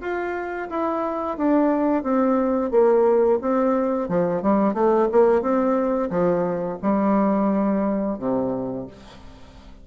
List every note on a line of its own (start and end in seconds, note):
0.00 0.68 F4
0.69 1.37 E4
1.37 2.02 D4
2.02 2.71 C4
2.71 3.39 A#3
3.41 4.08 C4
4.08 4.42 F3
4.42 4.74 G3
4.74 5.08 A3
5.11 5.41 A#3
5.41 6.10 C4
6.10 6.78 F3
6.82 8.18 G3
8.18 8.87 C3